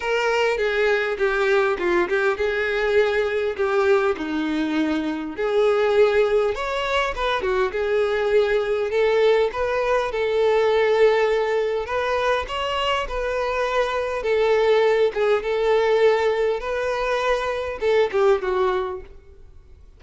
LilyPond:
\new Staff \with { instrumentName = "violin" } { \time 4/4 \tempo 4 = 101 ais'4 gis'4 g'4 f'8 g'8 | gis'2 g'4 dis'4~ | dis'4 gis'2 cis''4 | b'8 fis'8 gis'2 a'4 |
b'4 a'2. | b'4 cis''4 b'2 | a'4. gis'8 a'2 | b'2 a'8 g'8 fis'4 | }